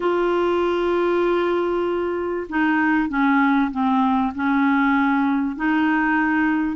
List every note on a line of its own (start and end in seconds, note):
0.00 2.47 F4
2.49 3.08 D#4
3.08 3.70 C#4
3.71 4.33 C4
4.34 5.56 C#4
5.56 6.76 D#4